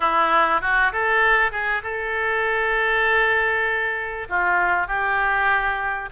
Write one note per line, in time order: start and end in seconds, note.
0.00 0.61 E4
0.61 0.92 F#4
0.92 1.51 A4
1.51 1.82 G#4
1.83 4.27 A4
4.29 4.87 F4
4.87 6.09 G4